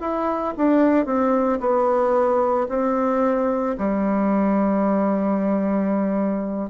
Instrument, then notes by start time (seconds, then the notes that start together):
bassoon
0.00 E4
0.57 D4
1.05 C4
1.60 B3
2.69 C4
3.77 G3